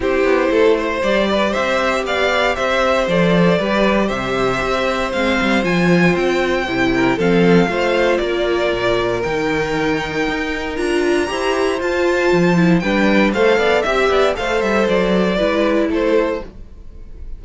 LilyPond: <<
  \new Staff \with { instrumentName = "violin" } { \time 4/4 \tempo 4 = 117 c''2 d''4 e''4 | f''4 e''4 d''2 | e''2 f''4 gis''4 | g''2 f''2 |
d''2 g''2~ | g''4 ais''2 a''4~ | a''4 g''4 f''4 e''4 | f''8 e''8 d''2 c''4 | }
  \new Staff \with { instrumentName = "violin" } { \time 4/4 g'4 a'8 c''4 b'8 c''4 | d''4 c''2 b'4 | c''1~ | c''4. ais'8 a'4 c''4 |
ais'1~ | ais'2 c''2~ | c''4 b'4 c''8 d''8 e''8 d''8 | c''2 b'4 a'4 | }
  \new Staff \with { instrumentName = "viola" } { \time 4/4 e'2 g'2~ | g'2 a'4 g'4~ | g'2 c'4 f'4~ | f'4 e'4 c'4 f'4~ |
f'2 dis'2~ | dis'4 f'4 g'4 f'4~ | f'8 e'8 d'4 a'4 g'4 | a'2 e'2 | }
  \new Staff \with { instrumentName = "cello" } { \time 4/4 c'8 b8 a4 g4 c'4 | b4 c'4 f4 g4 | c4 c'4 gis8 g8 f4 | c'4 c4 f4 a4 |
ais4 ais,4 dis2 | dis'4 d'4 e'4 f'4 | f4 g4 a8 b8 c'8 b8 | a8 g8 fis4 gis4 a4 | }
>>